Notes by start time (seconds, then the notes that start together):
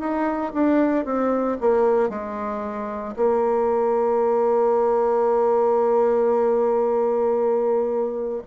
0.00 D#4
0.54 D4
1.05 C4
1.61 A#3
2.10 G#3
3.17 A#3